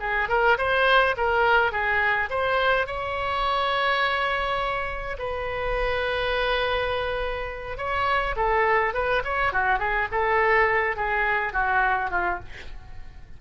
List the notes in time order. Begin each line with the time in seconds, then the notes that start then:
0.00 G#4
0.29 A#4
0.58 C5
1.17 A#4
1.72 G#4
2.30 C5
2.87 C#5
5.19 B4
7.78 C#5
8.36 A4
8.94 B4
9.25 C#5
9.53 F#4
9.79 G#4
10.12 A4
10.96 G#4
11.53 F#4
12.11 F4